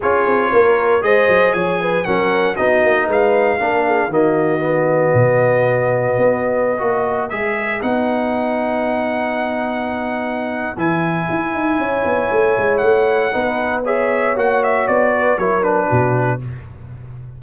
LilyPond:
<<
  \new Staff \with { instrumentName = "trumpet" } { \time 4/4 \tempo 4 = 117 cis''2 dis''4 gis''4 | fis''4 dis''4 f''2 | dis''1~ | dis''2~ dis''16 e''4 fis''8.~ |
fis''1~ | fis''4 gis''2.~ | gis''4 fis''2 e''4 | fis''8 e''8 d''4 cis''8 b'4. | }
  \new Staff \with { instrumentName = "horn" } { \time 4/4 gis'4 ais'4 c''4 cis''8 b'8 | ais'4 fis'4 b'4 ais'8 gis'8 | fis'1~ | fis'4~ fis'16 b'2~ b'8.~ |
b'1~ | b'2. cis''4~ | cis''2 b'4 cis''4~ | cis''4. b'8 ais'4 fis'4 | }
  \new Staff \with { instrumentName = "trombone" } { \time 4/4 f'2 gis'2 | cis'4 dis'2 d'4 | ais4 b2.~ | b4~ b16 fis'4 gis'4 dis'8.~ |
dis'1~ | dis'4 e'2.~ | e'2 dis'4 gis'4 | fis'2 e'8 d'4. | }
  \new Staff \with { instrumentName = "tuba" } { \time 4/4 cis'8 c'8 ais4 gis8 fis8 f4 | fis4 b8 ais8 gis4 ais4 | dis2 b,2 | b4~ b16 ais4 gis4 b8.~ |
b1~ | b4 e4 e'8 dis'8 cis'8 b8 | a8 gis8 a4 b2 | ais4 b4 fis4 b,4 | }
>>